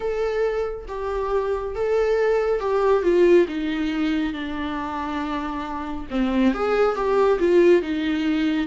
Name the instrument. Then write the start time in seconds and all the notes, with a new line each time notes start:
viola
0.00 A4
0.88 G4
1.75 A4
2.59 G4
3.02 F4
3.48 D#4
4.33 D4
6.10 C4
6.53 G#4
6.95 G4
7.39 F4
7.82 D#4